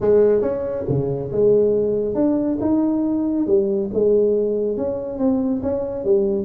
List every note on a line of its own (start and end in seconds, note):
0.00 0.41 G#3
0.41 0.84 C#4
0.88 1.31 C#3
1.32 2.15 G#3
2.15 2.58 D4
2.60 3.46 D#4
3.46 3.90 G3
3.93 4.77 G#3
4.77 5.18 C#4
5.18 5.61 C4
5.62 6.04 C#4
6.04 6.44 G3